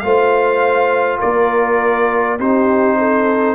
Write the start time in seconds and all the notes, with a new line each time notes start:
0.00 A3 F4 C5 F5
1.19 A#3 A#4 D5
2.39 C4 D#4 G4 C5
2.98 A4